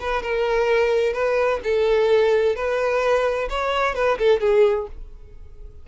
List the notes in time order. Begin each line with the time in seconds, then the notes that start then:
0.00 B4
0.22 A#4
1.13 B4
1.63 A4
2.55 B4
3.49 C#5
3.95 B4
4.18 A4
4.40 G#4